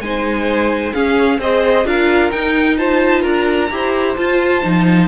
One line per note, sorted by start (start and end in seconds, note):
0.00 0.92 G#3
0.00 0.93 D#4
0.00 0.94 C5
0.00 0.93 G#5
0.93 1.40 C#4
0.93 1.38 C#4
0.93 1.40 G#4
0.93 1.39 F5
1.38 1.84 C4
1.38 1.85 G#4
1.38 1.86 C5
1.38 1.86 D#5
1.84 2.30 D4
1.84 2.31 F4
1.84 2.78 A#4
1.84 2.31 F5
2.31 2.77 D#4
2.31 3.24 D#4
2.31 2.77 G5
2.77 3.70 F4
2.77 3.22 C5
2.77 3.22 A5
3.22 3.70 D4
3.22 3.68 A#4
3.22 4.14 A#5
3.70 4.17 E4
3.70 4.17 G4
3.70 5.07 C5
4.16 4.63 F4
4.16 4.62 F4
4.16 5.07 A5
4.62 5.07 F3
4.62 5.07 D#4